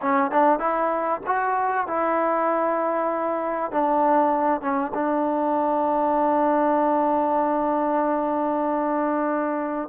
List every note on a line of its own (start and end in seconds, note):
0.01 0.31 C#4
0.31 0.59 D4
0.59 1.21 E4
1.26 1.87 F#4
1.87 3.71 E4
3.71 4.61 D4
4.61 4.92 C#4
4.94 9.89 D4